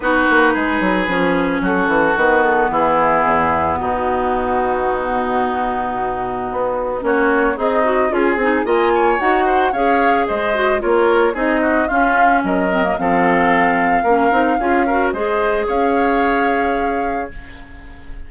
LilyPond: <<
  \new Staff \with { instrumentName = "flute" } { \time 4/4 \tempo 4 = 111 b'2. a'4 | b'8 a'8 gis'2 fis'4~ | fis'1~ | fis'4 cis''4 dis''4 gis'4 |
gis''4 fis''4 f''4 dis''4 | cis''4 dis''4 f''4 dis''4 | f''1 | dis''4 f''2. | }
  \new Staff \with { instrumentName = "oboe" } { \time 4/4 fis'4 gis'2 fis'4~ | fis'4 e'2 dis'4~ | dis'1~ | dis'4 fis'4 dis'4 gis'4 |
dis''8 cis''4 c''8 cis''4 c''4 | ais'4 gis'8 fis'8 f'4 ais'4 | a'2 ais'4 gis'8 ais'8 | c''4 cis''2. | }
  \new Staff \with { instrumentName = "clarinet" } { \time 4/4 dis'2 cis'2 | b1~ | b1~ | b4 cis'4 gis'8 fis'8 f'8 dis'8 |
f'4 fis'4 gis'4. fis'8 | f'4 dis'4 cis'4. c'16 ais16 | c'2 cis'8 dis'8 f'8 fis'8 | gis'1 | }
  \new Staff \with { instrumentName = "bassoon" } { \time 4/4 b8 ais8 gis8 fis8 f4 fis8 e8 | dis4 e4 e,4 b,4~ | b,1 | b4 ais4 c'4 cis'8 c'8 |
ais4 dis'4 cis'4 gis4 | ais4 c'4 cis'4 fis4 | f2 ais8 c'8 cis'4 | gis4 cis'2. | }
>>